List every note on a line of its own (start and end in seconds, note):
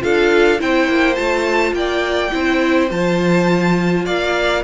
0.00 0.61 D4
0.00 0.58 F4
0.00 0.60 A4
0.00 0.60 F5
0.58 0.88 C4
0.58 1.14 E4
0.58 1.75 C5
0.58 1.15 G5
0.88 1.17 A#3
1.14 1.72 A3
1.14 2.29 F4
1.14 1.72 A5
1.72 2.30 A#3
1.72 2.33 D5
1.72 2.89 G5
2.30 2.90 C4
2.30 2.88 E4
2.30 4.05 C5
2.90 4.06 F3
2.90 4.63 F4
2.90 4.05 A5
4.05 4.63 A#3
4.05 4.62 D5
4.05 4.63 F5